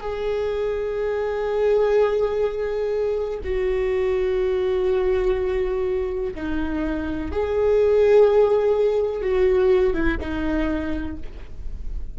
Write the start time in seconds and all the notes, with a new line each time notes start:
0.00 G#4
3.44 F#4
6.35 D#4
7.32 G#4
9.22 F#4
9.93 E4
10.20 D#4